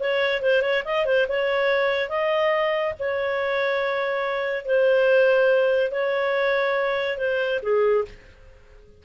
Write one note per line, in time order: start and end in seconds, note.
0.00 0.42 C#5
0.42 0.62 C5
0.62 0.83 C#5
0.85 1.06 D#5
1.06 1.27 C5
1.29 2.10 C#5
2.10 2.94 D#5
2.99 4.66 C#5
4.66 5.92 C5
5.92 7.18 C#5
7.18 7.60 C5
7.63 8.05 G#4